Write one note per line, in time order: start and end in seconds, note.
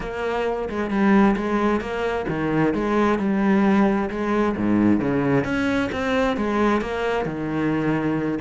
0.00 0.68 A#3
0.69 0.90 G#3
0.90 1.35 G3
1.36 1.80 G#3
1.80 2.26 A#3
2.28 2.74 D#3
2.74 3.18 G#3
3.18 4.09 G3
4.10 4.55 G#3
4.56 4.99 G#2
4.99 5.44 C#3
5.44 5.90 C#4
5.92 6.36 C4
6.36 6.81 G#3
6.81 7.25 A#3
7.25 8.39 D#3